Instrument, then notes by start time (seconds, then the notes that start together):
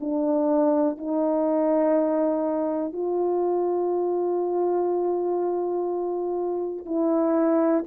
horn
0.00 D4
0.97 D#4
2.92 F4
6.85 E4